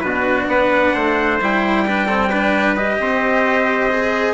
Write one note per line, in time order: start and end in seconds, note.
0.00 0.47 B2
0.00 1.39 D4
0.00 0.49 F#4
0.00 0.45 B4
0.47 0.92 B3
0.47 0.94 B4
0.47 1.39 F#5
0.94 1.40 A3
0.94 1.85 C5
1.40 2.99 G3
1.40 1.86 E4
1.40 2.76 G5
1.86 2.08 D4
1.86 2.06 B4
2.06 2.30 C4
2.06 2.28 A4
2.30 2.76 D4
2.30 2.98 B4
2.76 3.90 G4
2.76 4.33 D#5
2.99 4.33 C4
2.99 4.33 C5
3.90 4.33 G#4